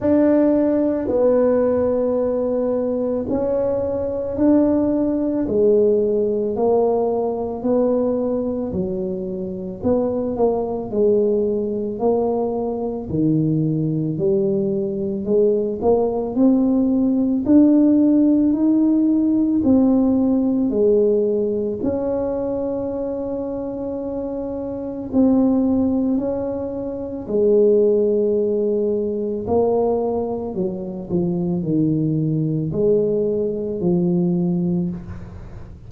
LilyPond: \new Staff \with { instrumentName = "tuba" } { \time 4/4 \tempo 4 = 55 d'4 b2 cis'4 | d'4 gis4 ais4 b4 | fis4 b8 ais8 gis4 ais4 | dis4 g4 gis8 ais8 c'4 |
d'4 dis'4 c'4 gis4 | cis'2. c'4 | cis'4 gis2 ais4 | fis8 f8 dis4 gis4 f4 | }